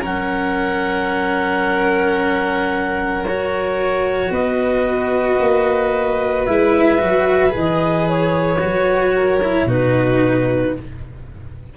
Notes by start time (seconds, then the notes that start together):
0.00 F#3 C#4 A#4 F#5
3.25 F#4 C#5
4.30 B3 B4 D#5
5.39 A#3
6.45 G#3 E4 E5
6.98 F#3 F#4
7.49 E3 G#4
7.56 D#5
8.08 C#5
8.58 F#3 F#4
9.14 A#4
9.42 E4
9.65 B2 D#4 F#4 B4